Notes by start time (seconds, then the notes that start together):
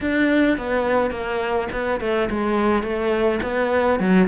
0.00 D4
0.57 B3
1.10 A#3
1.72 B3
2.00 A3
2.29 G#3
2.82 A3
3.42 B3
3.99 F#3